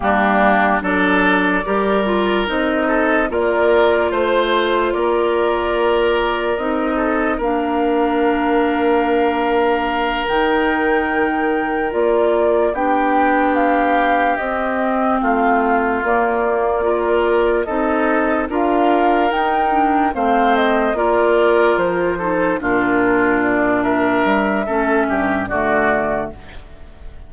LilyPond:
<<
  \new Staff \with { instrumentName = "flute" } { \time 4/4 \tempo 4 = 73 g'4 d''2 dis''4 | d''4 c''4 d''2 | dis''4 f''2.~ | f''8 g''2 d''4 g''8~ |
g''8 f''4 dis''4 f''4 d''8~ | d''4. dis''4 f''4 g''8~ | g''8 f''8 dis''8 d''4 c''4 ais'8~ | ais'8 d''8 e''2 d''4 | }
  \new Staff \with { instrumentName = "oboe" } { \time 4/4 d'4 a'4 ais'4. a'8 | ais'4 c''4 ais'2~ | ais'8 a'8 ais'2.~ | ais'2.~ ais'8 g'8~ |
g'2~ g'8 f'4.~ | f'8 ais'4 a'4 ais'4.~ | ais'8 c''4 ais'4. a'8 f'8~ | f'4 ais'4 a'8 g'8 fis'4 | }
  \new Staff \with { instrumentName = "clarinet" } { \time 4/4 ais4 d'4 g'8 f'8 dis'4 | f'1 | dis'4 d'2.~ | d'8 dis'2 f'4 d'8~ |
d'4. c'2 ais8~ | ais8 f'4 dis'4 f'4 dis'8 | d'8 c'4 f'4. dis'8 d'8~ | d'2 cis'4 a4 | }
  \new Staff \with { instrumentName = "bassoon" } { \time 4/4 g4 fis4 g4 c'4 | ais4 a4 ais2 | c'4 ais2.~ | ais8 dis2 ais4 b8~ |
b4. c'4 a4 ais8~ | ais4. c'4 d'4 dis'8~ | dis'8 a4 ais4 f4 ais,8~ | ais,4. g8 a8 g,8 d4 | }
>>